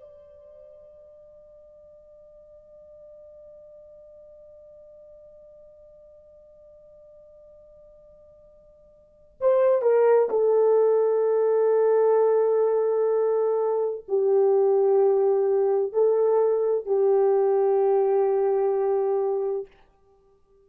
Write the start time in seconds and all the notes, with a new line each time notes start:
0.00 D5
9.40 C5
9.82 A#4
10.30 A4
14.08 G4
15.92 A4
16.85 G4